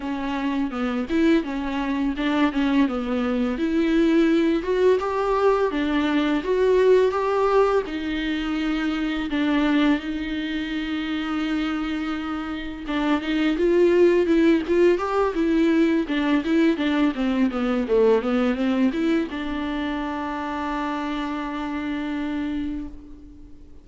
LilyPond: \new Staff \with { instrumentName = "viola" } { \time 4/4 \tempo 4 = 84 cis'4 b8 e'8 cis'4 d'8 cis'8 | b4 e'4. fis'8 g'4 | d'4 fis'4 g'4 dis'4~ | dis'4 d'4 dis'2~ |
dis'2 d'8 dis'8 f'4 | e'8 f'8 g'8 e'4 d'8 e'8 d'8 | c'8 b8 a8 b8 c'8 e'8 d'4~ | d'1 | }